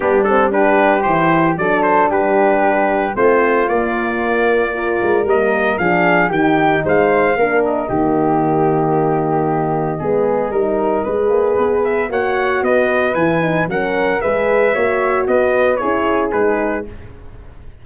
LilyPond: <<
  \new Staff \with { instrumentName = "trumpet" } { \time 4/4 \tempo 4 = 114 g'8 a'8 b'4 c''4 d''8 c''8 | b'2 c''4 d''4~ | d''2 dis''4 f''4 | g''4 f''4. dis''4.~ |
dis''1~ | dis''2~ dis''8 e''8 fis''4 | dis''4 gis''4 fis''4 e''4~ | e''4 dis''4 cis''4 b'4 | }
  \new Staff \with { instrumentName = "flute" } { \time 4/4 d'4 g'2 a'4 | g'2 f'2~ | f'4 ais'2 gis'4 | g'4 c''4 ais'4 g'4~ |
g'2. gis'4 | ais'4 b'2 cis''4 | b'2 ais'4 b'4 | cis''4 b'4 gis'2 | }
  \new Staff \with { instrumentName = "horn" } { \time 4/4 b8 c'8 d'4 e'4 d'4~ | d'2 c'4 ais4~ | ais4 f'4 ais4 d'4 | dis'2 d'4 ais4~ |
ais2. b4 | dis'4 gis'2 fis'4~ | fis'4 e'8 dis'8 cis'4 gis'4 | fis'2 e'4 dis'4 | }
  \new Staff \with { instrumentName = "tuba" } { \time 4/4 g2 e4 fis4 | g2 a4 ais4~ | ais4. gis8 g4 f4 | dis4 gis4 ais4 dis4~ |
dis2. gis4 | g4 gis8 ais8 b4 ais4 | b4 e4 fis4 gis4 | ais4 b4 cis'4 gis4 | }
>>